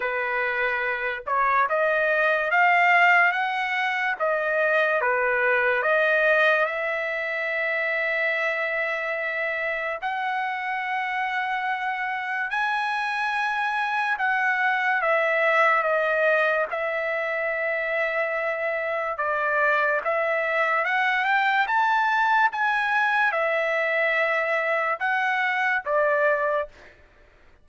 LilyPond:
\new Staff \with { instrumentName = "trumpet" } { \time 4/4 \tempo 4 = 72 b'4. cis''8 dis''4 f''4 | fis''4 dis''4 b'4 dis''4 | e''1 | fis''2. gis''4~ |
gis''4 fis''4 e''4 dis''4 | e''2. d''4 | e''4 fis''8 g''8 a''4 gis''4 | e''2 fis''4 d''4 | }